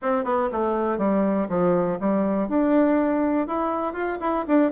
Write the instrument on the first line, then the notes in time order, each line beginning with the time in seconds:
bassoon
0.02 C4
0.24 B3
0.52 A3
0.97 G3
1.49 F3
2.00 G3
2.48 D4
3.47 E4
3.93 F4
4.20 E4
4.47 D4